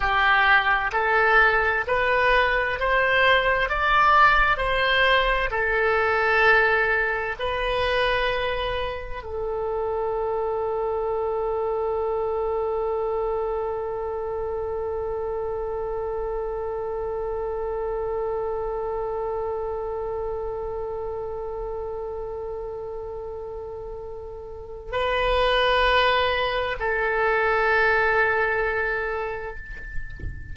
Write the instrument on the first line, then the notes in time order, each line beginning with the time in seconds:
oboe
0.00 G4
0.92 A4
1.87 B4
2.79 C5
3.69 D5
4.57 C5
5.50 A4
7.38 B4
9.23 A4
24.91 B4
26.79 A4